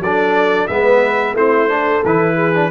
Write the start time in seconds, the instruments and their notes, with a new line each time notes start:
0.00 tuba F#3, trombone D4, horn A4, trumpet D5
0.67 tuba G#3, trombone B3, horn B4, trumpet E5
1.33 tuba A3, trombone C4, horn E4, trumpet C5
1.69 trombone D4, horn A4
2.04 tuba E3, trombone E4, trumpet B4
2.35 horn G#4
2.54 trombone D4